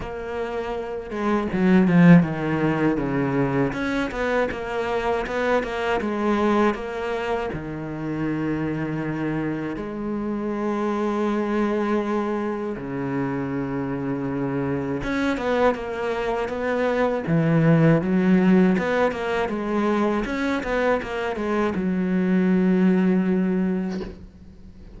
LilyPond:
\new Staff \with { instrumentName = "cello" } { \time 4/4 \tempo 4 = 80 ais4. gis8 fis8 f8 dis4 | cis4 cis'8 b8 ais4 b8 ais8 | gis4 ais4 dis2~ | dis4 gis2.~ |
gis4 cis2. | cis'8 b8 ais4 b4 e4 | fis4 b8 ais8 gis4 cis'8 b8 | ais8 gis8 fis2. | }